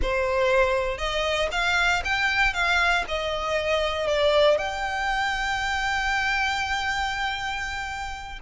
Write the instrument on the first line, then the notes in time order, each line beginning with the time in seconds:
violin
0.01 C5
0.98 D#5
1.51 F5
2.04 G5
2.53 F5
3.07 D#5
4.07 D5
4.58 G5